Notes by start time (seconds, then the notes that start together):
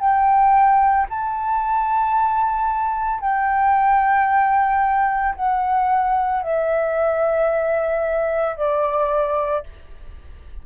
0.00 G5
1.10 A5
3.21 G5
5.36 F#5
6.42 E5
8.57 D5